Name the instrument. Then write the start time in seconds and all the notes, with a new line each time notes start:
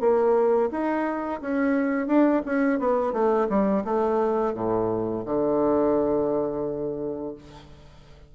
bassoon
0.00 A#3
0.71 D#4
1.42 C#4
2.07 D4
2.46 C#4
2.79 B3
3.13 A3
3.49 G3
3.85 A3
4.54 A2
5.26 D3